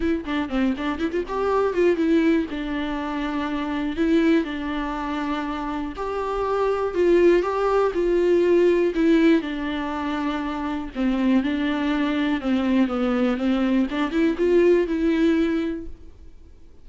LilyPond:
\new Staff \with { instrumentName = "viola" } { \time 4/4 \tempo 4 = 121 e'8 d'8 c'8 d'8 e'16 f'16 g'4 f'8 | e'4 d'2. | e'4 d'2. | g'2 f'4 g'4 |
f'2 e'4 d'4~ | d'2 c'4 d'4~ | d'4 c'4 b4 c'4 | d'8 e'8 f'4 e'2 | }